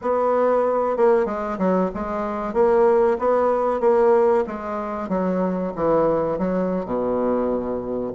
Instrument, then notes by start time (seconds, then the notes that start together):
bassoon
0.01 B3
0.97 A#3
1.25 G#3
1.58 F#3
1.94 G#3
2.53 A#3
3.18 B3
3.80 A#3
4.46 G#3
5.09 F#3
5.75 E3
6.38 F#3
6.85 B2